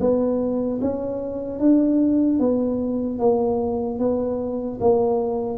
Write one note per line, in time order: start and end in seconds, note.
0.00 0.80 B3
0.81 1.59 C#4
1.59 2.39 D4
2.39 3.19 B3
3.19 3.99 A#3
3.99 4.79 B3
4.81 5.58 A#3